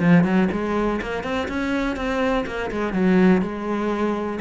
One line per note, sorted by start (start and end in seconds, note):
0.00 0.24 F3
0.24 0.48 F#3
0.52 1.00 G#3
1.01 1.23 A#3
1.23 1.48 C4
1.48 1.96 C#4
1.96 2.45 C4
2.46 2.71 A#3
2.71 2.93 G#3
2.93 3.42 F#3
3.42 4.39 G#3